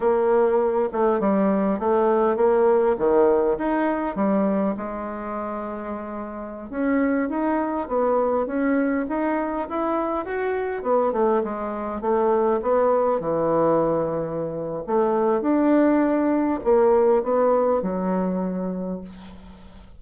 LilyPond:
\new Staff \with { instrumentName = "bassoon" } { \time 4/4 \tempo 4 = 101 ais4. a8 g4 a4 | ais4 dis4 dis'4 g4 | gis2.~ gis16 cis'8.~ | cis'16 dis'4 b4 cis'4 dis'8.~ |
dis'16 e'4 fis'4 b8 a8 gis8.~ | gis16 a4 b4 e4.~ e16~ | e4 a4 d'2 | ais4 b4 fis2 | }